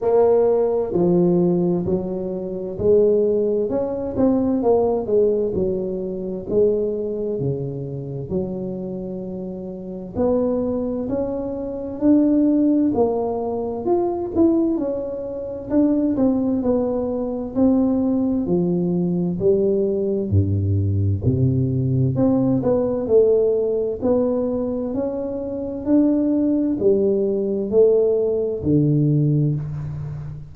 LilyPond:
\new Staff \with { instrumentName = "tuba" } { \time 4/4 \tempo 4 = 65 ais4 f4 fis4 gis4 | cis'8 c'8 ais8 gis8 fis4 gis4 | cis4 fis2 b4 | cis'4 d'4 ais4 f'8 e'8 |
cis'4 d'8 c'8 b4 c'4 | f4 g4 g,4 c4 | c'8 b8 a4 b4 cis'4 | d'4 g4 a4 d4 | }